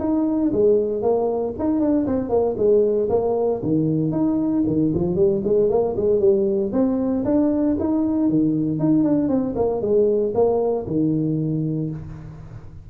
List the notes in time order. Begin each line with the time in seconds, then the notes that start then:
0.00 D#4
0.53 G#3
1.02 A#3
1.59 D#4
1.80 D4
2.07 C4
2.30 A#3
2.57 G#3
3.10 A#3
3.63 D#3
4.12 D#4
4.67 D#3
4.94 F3
5.16 G3
5.45 G#3
5.70 A#3
5.97 G#3
6.20 G3
6.73 C4
7.25 D4
7.80 D#4
8.29 D#3
8.80 D#4
9.04 D4
9.29 C4
9.56 A#3
9.82 G#3
10.35 A#3
10.87 D#3